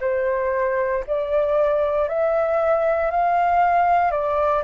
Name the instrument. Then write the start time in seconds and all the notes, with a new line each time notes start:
flute
0.00 C5
1.07 D5
2.08 E5
3.10 F5
4.11 D5